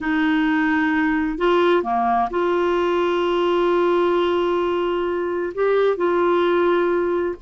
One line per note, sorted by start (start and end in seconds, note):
0.01 1.37 D#4
1.37 1.83 F4
1.83 2.29 A#3
2.30 5.53 F4
5.54 5.96 G4
5.96 7.35 F4